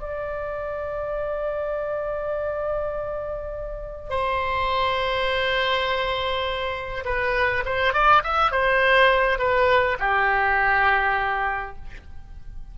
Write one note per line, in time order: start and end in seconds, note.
0.00 4.10 D5
4.10 7.04 C5
7.05 7.64 B4
7.66 7.94 C5
7.94 8.23 D5
8.24 8.52 E5
8.52 9.39 C5
9.39 9.98 B4
9.99 11.76 G4